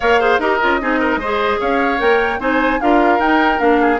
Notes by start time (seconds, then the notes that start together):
0.00 A#3 A#4 C#5 F5
0.20 G#4 C5
0.38 D#4 G4 A#4 D#5
0.61 C#4 F4
0.81 C4 D#4 G#4
0.99 A#4
1.16 G#3 C5
1.23 G#4
1.60 C#4 C#5 F5
1.98 A#3 A#4 G5
2.39 C4 D#4 C5 G#5
2.80 D4 F4 A#4 F5
3.19 D#4 G5
3.58 A#3 D4 F5
3.81 G#4